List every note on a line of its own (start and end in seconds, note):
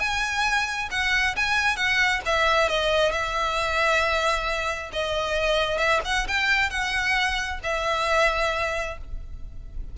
0.00 0.90 G#5
0.91 1.36 F#5
1.37 1.76 G#5
1.76 2.21 F#5
2.26 2.69 E5
2.69 3.12 D#5
3.12 4.91 E5
4.93 5.78 D#5
5.78 6.01 E5
6.05 6.27 F#5
6.28 6.70 G5
6.70 7.60 F#5
7.64 8.98 E5